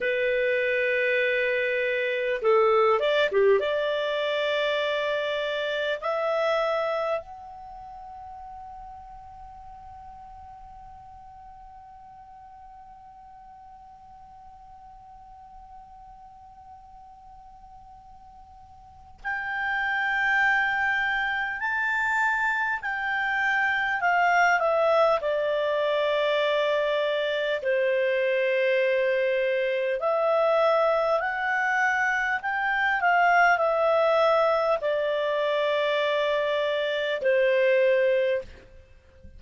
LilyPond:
\new Staff \with { instrumentName = "clarinet" } { \time 4/4 \tempo 4 = 50 b'2 a'8 d''16 g'16 d''4~ | d''4 e''4 fis''2~ | fis''1~ | fis''1 |
g''2 a''4 g''4 | f''8 e''8 d''2 c''4~ | c''4 e''4 fis''4 g''8 f''8 | e''4 d''2 c''4 | }